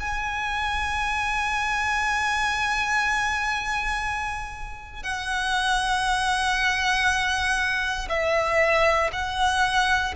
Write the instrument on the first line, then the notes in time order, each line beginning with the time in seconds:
violin
0.00 G#5
5.03 F#5
8.09 E5
9.12 F#5